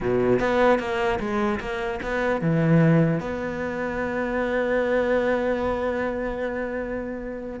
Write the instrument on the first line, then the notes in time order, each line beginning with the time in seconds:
cello
0.00 B2
0.39 B3
0.79 A#3
1.19 G#3
1.60 A#3
2.02 B3
2.41 E3
3.20 B3